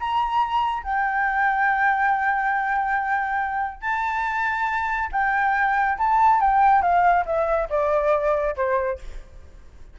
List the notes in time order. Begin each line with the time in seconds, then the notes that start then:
0.00 A#5
0.83 G5
3.81 A5
5.12 G5
5.98 A5
6.41 G5
6.82 F5
7.25 E5
7.69 D5
8.56 C5